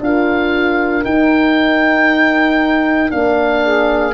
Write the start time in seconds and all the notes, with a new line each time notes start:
0.00 D4 F4 A#4 F5
1.04 D#4 G5
3.10 A#3 D4 F5
3.64 G#4